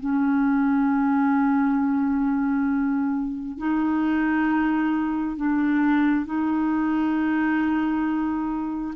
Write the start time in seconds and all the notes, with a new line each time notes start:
0.00 C#4
3.58 D#4
5.37 D4
6.26 D#4